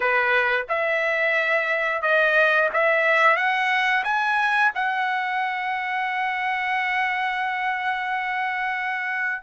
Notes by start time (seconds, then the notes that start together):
0.00 B4
0.68 E5
2.01 D#5
2.73 E5
3.36 F#5
4.04 G#5
4.74 F#5